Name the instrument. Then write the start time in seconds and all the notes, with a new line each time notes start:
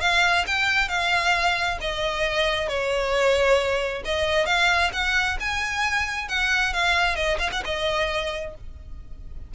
violin
0.00 F5
0.46 G5
0.88 F5
1.81 D#5
2.68 C#5
4.05 D#5
4.46 F5
4.93 F#5
5.40 G#5
6.28 F#5
6.73 F5
7.15 D#5
7.39 F5
7.52 F#5
7.65 D#5